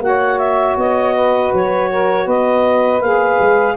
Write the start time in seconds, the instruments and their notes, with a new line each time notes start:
0.00 tuba A#3, saxophone F#4 C#5, clarinet F#5
0.39 clarinet E5
0.78 tuba B3, clarinet D#5
1.15 saxophone B4
1.53 tuba F#3, clarinet C#5
1.90 saxophone A#4
2.25 tuba B3, saxophone B4, clarinet D#5
3.01 tuba A#3, saxophone G#4, clarinet F5
3.40 tuba G#3